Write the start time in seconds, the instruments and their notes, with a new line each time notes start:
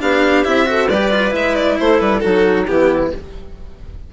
0.00 bassoon B3, cello D4, clarinet G4, violin F5
0.44 bassoon C4, cello E4, violin E5
0.66 cello F#4, clarinet A4
0.89 bassoon G3, cello G4, clarinet B4, violin D5
1.11 cello F4
1.31 bassoon G#3, cello E4, violin E5
1.56 violin D5
1.80 bassoon A3, clarinet A4, violin C5
2.01 bassoon G3, violin B4
2.20 bassoon F#3, clarinet D#4, cello F#4, violin A4
2.67 bassoon E3, cello B3, clarinet E4, violin G4